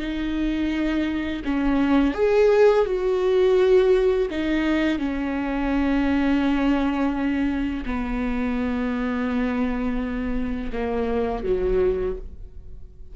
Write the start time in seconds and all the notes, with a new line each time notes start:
0.00 D#4
1.44 C#4
2.15 G#4
2.85 F#4
4.31 D#4
4.99 C#4
7.85 B3
10.72 A#3
11.44 F#3